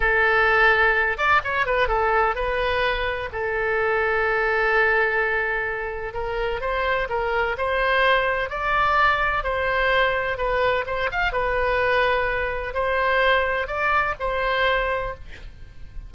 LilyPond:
\new Staff \with { instrumentName = "oboe" } { \time 4/4 \tempo 4 = 127 a'2~ a'8 d''8 cis''8 b'8 | a'4 b'2 a'4~ | a'1~ | a'4 ais'4 c''4 ais'4 |
c''2 d''2 | c''2 b'4 c''8 f''8 | b'2. c''4~ | c''4 d''4 c''2 | }